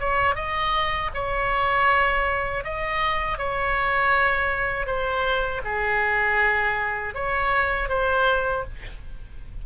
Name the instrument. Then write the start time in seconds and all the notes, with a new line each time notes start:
oboe
0.00 C#5
0.36 D#5
1.14 C#5
2.65 D#5
3.39 C#5
4.87 C5
5.65 G#4
7.15 C#5
7.89 C5